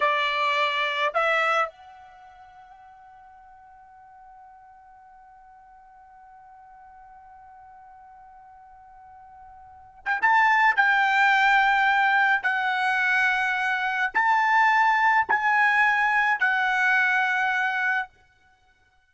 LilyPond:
\new Staff \with { instrumentName = "trumpet" } { \time 4/4 \tempo 4 = 106 d''2 e''4 fis''4~ | fis''1~ | fis''1~ | fis''1~ |
fis''4.~ fis''16 g''16 a''4 g''4~ | g''2 fis''2~ | fis''4 a''2 gis''4~ | gis''4 fis''2. | }